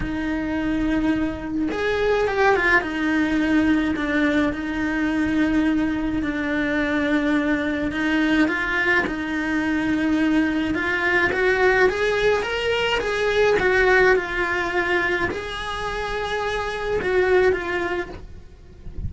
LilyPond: \new Staff \with { instrumentName = "cello" } { \time 4/4 \tempo 4 = 106 dis'2. gis'4 | g'8 f'8 dis'2 d'4 | dis'2. d'4~ | d'2 dis'4 f'4 |
dis'2. f'4 | fis'4 gis'4 ais'4 gis'4 | fis'4 f'2 gis'4~ | gis'2 fis'4 f'4 | }